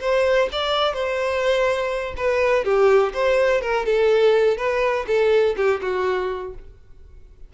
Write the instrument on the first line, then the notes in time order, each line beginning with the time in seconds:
violin
0.00 C5
0.51 D5
0.93 C5
2.16 B4
2.64 G4
3.13 C5
3.61 A#4
3.85 A4
4.57 B4
5.07 A4
5.56 G4
5.81 F#4